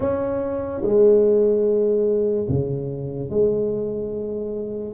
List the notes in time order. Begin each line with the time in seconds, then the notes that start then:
0.00 C#4
0.82 G#3
2.48 C#3
3.30 G#3